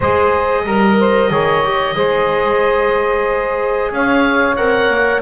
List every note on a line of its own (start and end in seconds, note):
0.00 0.65 G#3
0.00 0.66 G#4
0.00 0.63 C5
0.00 3.92 D#5
0.65 1.30 G3
0.65 0.98 A#4
0.65 1.31 A#4
0.99 1.30 C5
1.30 1.95 D#3
1.30 1.63 G#4
1.30 1.95 C#5
1.64 1.95 G4
1.95 3.91 G#3
1.95 4.56 G#4
1.95 3.91 C5
3.91 4.56 C#4
3.91 5.21 C#5
3.91 4.56 F5
4.56 4.88 C4
4.56 5.21 A#4
4.56 5.21 F#5
4.88 5.21 A#3